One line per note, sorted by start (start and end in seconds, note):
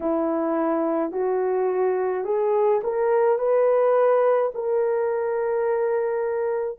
0.00 1.11 E4
1.11 2.24 F#4
2.24 2.80 G#4
2.83 3.38 A#4
3.38 4.51 B4
4.54 6.78 A#4